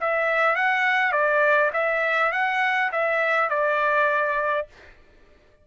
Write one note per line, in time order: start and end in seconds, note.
0.00 0.55 E5
0.55 1.12 F#5
1.12 1.71 D5
1.73 2.32 E5
2.32 2.91 F#5
2.92 3.49 E5
3.49 4.67 D5